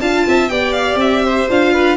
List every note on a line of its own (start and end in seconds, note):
0.00 0.25 D4
0.00 0.50 F4
0.00 0.26 F5
0.00 0.49 A5
0.27 0.49 C4
0.27 0.51 E5
0.49 0.95 B3
0.49 1.49 G4
0.49 1.24 D5
0.49 0.72 G5
0.72 0.97 F5
0.95 1.44 C4
0.95 1.49 E5
1.24 1.72 C5
1.49 1.97 D4
1.49 1.97 F4
1.49 1.97 F5
1.72 1.97 B4